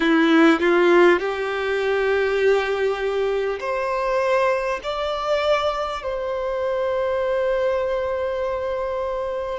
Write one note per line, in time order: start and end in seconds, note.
0.00 0.60 E4
0.60 1.19 F4
1.19 3.59 G4
3.60 4.80 C5
4.83 6.02 D5
6.02 9.58 C5